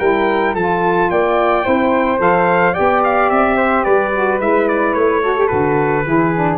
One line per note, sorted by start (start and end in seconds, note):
0.00 0.56 G3
0.00 0.56 E4
0.00 0.54 A#4
0.00 0.55 G5
0.54 1.11 F3
0.54 1.63 F4
0.54 1.10 A4
0.54 1.11 A5
1.11 1.66 A#3
1.11 1.65 D5
1.11 2.21 G5
1.63 2.20 C4
1.63 2.18 E4
1.63 2.73 C5
2.19 2.75 F3
2.19 2.74 A4
2.19 2.75 F5
2.73 4.12 G4
2.73 3.56 D5
2.73 3.03 G5
2.80 3.31 B3
3.04 3.30 F5
3.30 3.86 C4
3.30 3.84 E5
3.57 3.84 C5
3.84 4.41 G3
3.84 5.22 B4
3.84 4.39 D5
4.14 4.40 F#4
4.40 4.95 G#3
4.40 5.23 E4
4.40 4.68 E5
4.68 4.94 D5
4.94 5.50 A3
4.94 5.48 C#5
5.23 5.37 F#4
5.23 6.05 A4
5.37 5.48 G4
5.48 6.07 D3
5.48 6.03 F#4
5.48 6.58 B4
6.06 6.58 E3
6.06 6.34 E4
6.06 6.58 G#4
6.35 6.58 D4